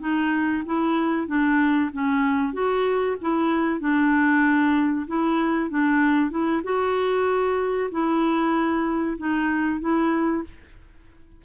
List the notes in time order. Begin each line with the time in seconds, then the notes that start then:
0.00 D#4
0.65 E4
1.27 D4
1.93 C#4
2.53 F#4
3.21 E4
3.80 D4
5.07 E4
5.70 D4
6.30 E4
6.63 F#4
7.91 E4
9.18 D#4
9.80 E4